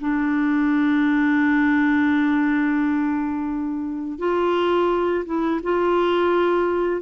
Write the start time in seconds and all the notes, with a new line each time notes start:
0.00 D4
4.18 F4
5.25 E4
5.63 F4